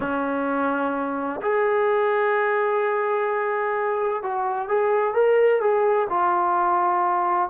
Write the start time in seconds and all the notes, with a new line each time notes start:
0.00 C#4
1.41 G#4
4.22 F#4
4.68 G#4
5.14 A#4
5.60 G#4
6.09 F4